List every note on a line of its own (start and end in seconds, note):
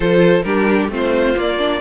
0.00 0.42 F3
0.00 0.44 F4
0.00 0.44 A4
0.00 0.43 C5
0.43 0.88 G3
0.43 0.90 D4
0.43 0.91 G4
0.43 0.88 A#4
0.88 1.34 A3
0.88 1.35 C4
0.88 1.80 F4
0.95 1.39 C5
1.36 1.58 A#3
1.36 1.80 A#3
1.36 1.80 D5
1.58 1.80 D4